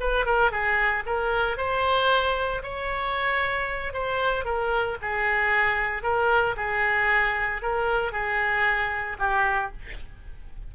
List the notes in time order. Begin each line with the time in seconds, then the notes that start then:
0.00 B4
0.26 A#4
0.51 G#4
1.06 A#4
1.57 C5
2.63 C#5
3.93 C5
4.44 A#4
5.02 G#4
6.03 A#4
6.56 G#4
7.62 A#4
8.12 G#4
9.19 G4